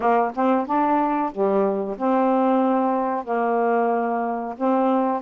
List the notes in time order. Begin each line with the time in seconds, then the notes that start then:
0.00 A#3
0.35 C4
0.66 D4
1.31 G3
1.97 C4
3.24 A#3
4.57 C4